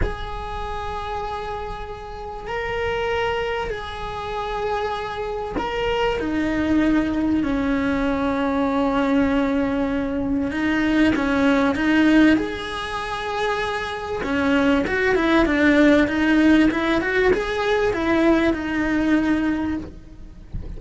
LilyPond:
\new Staff \with { instrumentName = "cello" } { \time 4/4 \tempo 4 = 97 gis'1 | ais'2 gis'2~ | gis'4 ais'4 dis'2 | cis'1~ |
cis'4 dis'4 cis'4 dis'4 | gis'2. cis'4 | fis'8 e'8 d'4 dis'4 e'8 fis'8 | gis'4 e'4 dis'2 | }